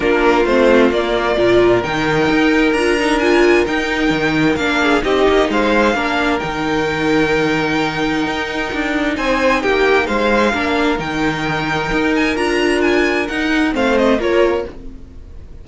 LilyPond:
<<
  \new Staff \with { instrumentName = "violin" } { \time 4/4 \tempo 4 = 131 ais'4 c''4 d''2 | g''2 ais''4 gis''4 | g''2 f''4 dis''4 | f''2 g''2~ |
g''1 | gis''4 g''4 f''2 | g''2~ g''8 gis''8 ais''4 | gis''4 fis''4 f''8 dis''8 cis''4 | }
  \new Staff \with { instrumentName = "violin" } { \time 4/4 f'2. ais'4~ | ais'1~ | ais'2~ ais'8 gis'8 g'4 | c''4 ais'2.~ |
ais'1 | c''4 g'4 c''4 ais'4~ | ais'1~ | ais'2 c''4 ais'4 | }
  \new Staff \with { instrumentName = "viola" } { \time 4/4 d'4 c'4 ais4 f'4 | dis'2 f'8 dis'8 f'4 | dis'2 d'4 dis'4~ | dis'4 d'4 dis'2~ |
dis'1~ | dis'2. d'4 | dis'2. f'4~ | f'4 dis'4 c'4 f'4 | }
  \new Staff \with { instrumentName = "cello" } { \time 4/4 ais4 a4 ais4 ais,4 | dis4 dis'4 d'2 | dis'4 dis4 ais4 c'8 ais8 | gis4 ais4 dis2~ |
dis2 dis'4 d'4 | c'4 ais4 gis4 ais4 | dis2 dis'4 d'4~ | d'4 dis'4 a4 ais4 | }
>>